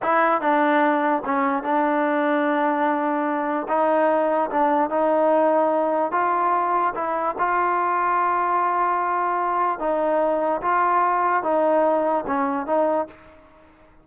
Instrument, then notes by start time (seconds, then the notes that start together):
trombone
0.02 E4
0.41 D4
1.25 C#4
1.63 D4
3.68 D#4
4.50 D4
4.89 D#4
6.11 F4
6.95 E4
7.38 F4
9.79 D#4
10.61 F4
11.43 D#4
12.26 C#4
12.66 D#4